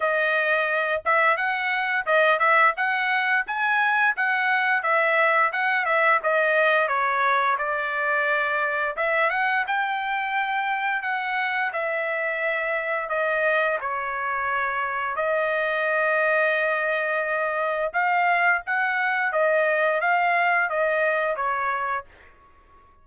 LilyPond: \new Staff \with { instrumentName = "trumpet" } { \time 4/4 \tempo 4 = 87 dis''4. e''8 fis''4 dis''8 e''8 | fis''4 gis''4 fis''4 e''4 | fis''8 e''8 dis''4 cis''4 d''4~ | d''4 e''8 fis''8 g''2 |
fis''4 e''2 dis''4 | cis''2 dis''2~ | dis''2 f''4 fis''4 | dis''4 f''4 dis''4 cis''4 | }